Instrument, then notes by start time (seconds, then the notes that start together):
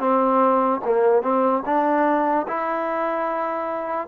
trombone
0.00 C4
0.85 A#3
1.23 C4
1.66 D4
2.48 E4